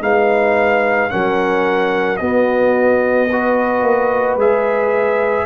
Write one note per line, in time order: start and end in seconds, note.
0.00 1.09 G#3
0.00 1.09 D#4
0.00 1.12 B4
0.00 1.10 F5
1.09 2.20 F#3
1.09 2.18 C#4
1.09 2.20 A#4
1.09 2.17 F#5
2.17 3.29 B3
2.17 3.82 B3
2.17 3.29 F#4
2.17 4.35 D#5
3.29 4.39 F#4
3.29 5.45 B4
3.82 4.35 A#3
4.35 5.44 G#3
4.35 5.45 G#4
4.35 5.45 E5